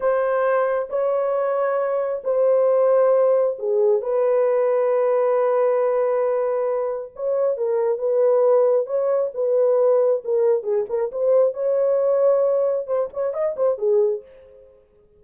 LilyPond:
\new Staff \with { instrumentName = "horn" } { \time 4/4 \tempo 4 = 135 c''2 cis''2~ | cis''4 c''2. | gis'4 b'2.~ | b'1 |
cis''4 ais'4 b'2 | cis''4 b'2 ais'4 | gis'8 ais'8 c''4 cis''2~ | cis''4 c''8 cis''8 dis''8 c''8 gis'4 | }